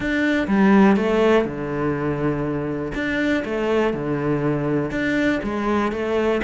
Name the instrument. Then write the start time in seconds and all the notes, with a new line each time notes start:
cello
0.00 D4
0.47 G3
0.96 A3
1.44 D3
2.94 D4
3.44 A3
3.93 D3
4.90 D4
5.43 G#3
5.92 A3